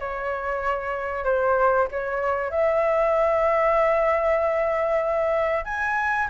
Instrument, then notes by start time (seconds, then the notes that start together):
flute
0.00 C#5
1.25 C5
1.92 C#5
2.51 E5
5.65 G#5